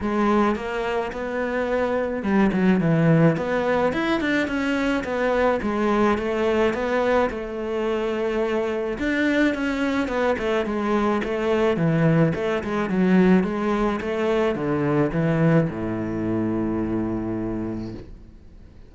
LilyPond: \new Staff \with { instrumentName = "cello" } { \time 4/4 \tempo 4 = 107 gis4 ais4 b2 | g8 fis8 e4 b4 e'8 d'8 | cis'4 b4 gis4 a4 | b4 a2. |
d'4 cis'4 b8 a8 gis4 | a4 e4 a8 gis8 fis4 | gis4 a4 d4 e4 | a,1 | }